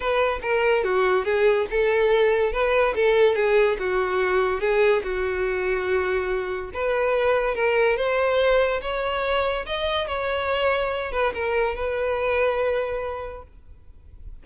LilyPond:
\new Staff \with { instrumentName = "violin" } { \time 4/4 \tempo 4 = 143 b'4 ais'4 fis'4 gis'4 | a'2 b'4 a'4 | gis'4 fis'2 gis'4 | fis'1 |
b'2 ais'4 c''4~ | c''4 cis''2 dis''4 | cis''2~ cis''8 b'8 ais'4 | b'1 | }